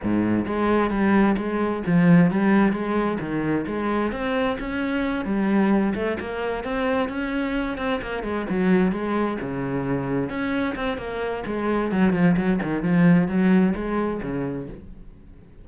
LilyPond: \new Staff \with { instrumentName = "cello" } { \time 4/4 \tempo 4 = 131 gis,4 gis4 g4 gis4 | f4 g4 gis4 dis4 | gis4 c'4 cis'4. g8~ | g4 a8 ais4 c'4 cis'8~ |
cis'4 c'8 ais8 gis8 fis4 gis8~ | gis8 cis2 cis'4 c'8 | ais4 gis4 fis8 f8 fis8 dis8 | f4 fis4 gis4 cis4 | }